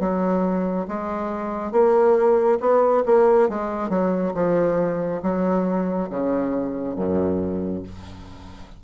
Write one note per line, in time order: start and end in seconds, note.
0.00 0.87 F#3
0.88 1.72 G#3
1.72 2.59 A#3
2.60 3.04 B3
3.06 3.49 A#3
3.49 3.90 G#3
3.90 4.33 F#3
4.34 5.21 F3
5.23 6.09 F#3
6.10 6.96 C#3
6.96 7.83 F#2